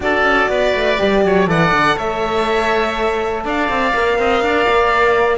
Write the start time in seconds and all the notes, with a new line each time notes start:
0.00 D4 F#4 A4 D5
0.22 C#4
0.48 B3 B4
0.74 A3
0.98 G3 G4
1.24 F#3 C#5
1.47 E3 A4 D5 F#5
1.72 D3
1.96 A3 C#5 E5
3.44 D4 D5 F5
3.68 C4
3.94 A#3 A#4
4.18 C4 D#5
4.41 D4 D5
4.68 A#3